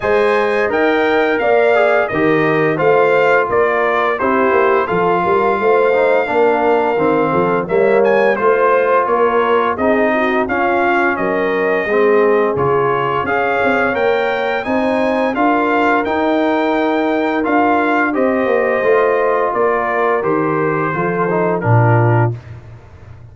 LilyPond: <<
  \new Staff \with { instrumentName = "trumpet" } { \time 4/4 \tempo 4 = 86 gis''4 g''4 f''4 dis''4 | f''4 d''4 c''4 f''4~ | f''2. e''8 gis''8 | c''4 cis''4 dis''4 f''4 |
dis''2 cis''4 f''4 | g''4 gis''4 f''4 g''4~ | g''4 f''4 dis''2 | d''4 c''2 ais'4 | }
  \new Staff \with { instrumentName = "horn" } { \time 4/4 dis''2 d''4 ais'4 | c''4 ais'4 g'4 a'8 ais'8 | c''4 ais'4. a'8 cis''4 | c''4 ais'4 gis'8 fis'8 f'4 |
ais'4 gis'2 cis''4~ | cis''4 c''4 ais'2~ | ais'2 c''2 | ais'2 a'4 f'4 | }
  \new Staff \with { instrumentName = "trombone" } { \time 4/4 c''4 ais'4. gis'8 g'4 | f'2 e'4 f'4~ | f'8 dis'8 d'4 c'4 ais4 | f'2 dis'4 cis'4~ |
cis'4 c'4 f'4 gis'4 | ais'4 dis'4 f'4 dis'4~ | dis'4 f'4 g'4 f'4~ | f'4 g'4 f'8 dis'8 d'4 | }
  \new Staff \with { instrumentName = "tuba" } { \time 4/4 gis4 dis'4 ais4 dis4 | a4 ais4 c'8 ais8 f8 g8 | a4 ais4 dis8 f8 g4 | a4 ais4 c'4 cis'4 |
fis4 gis4 cis4 cis'8 c'8 | ais4 c'4 d'4 dis'4~ | dis'4 d'4 c'8 ais8 a4 | ais4 dis4 f4 ais,4 | }
>>